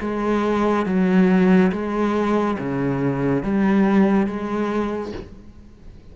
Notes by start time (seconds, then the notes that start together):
0.00 G#3
0.86 F#3
1.72 G#3
2.59 C#3
3.43 G3
4.27 G#3